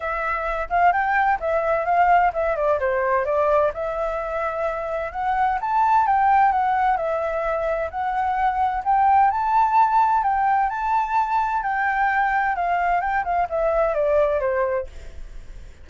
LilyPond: \new Staff \with { instrumentName = "flute" } { \time 4/4 \tempo 4 = 129 e''4. f''8 g''4 e''4 | f''4 e''8 d''8 c''4 d''4 | e''2. fis''4 | a''4 g''4 fis''4 e''4~ |
e''4 fis''2 g''4 | a''2 g''4 a''4~ | a''4 g''2 f''4 | g''8 f''8 e''4 d''4 c''4 | }